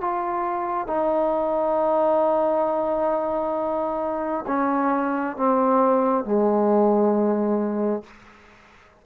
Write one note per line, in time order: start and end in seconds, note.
0.00 0.87 F4
0.87 4.45 D#4
4.47 5.36 C#4
5.36 6.24 C4
6.24 8.03 G#3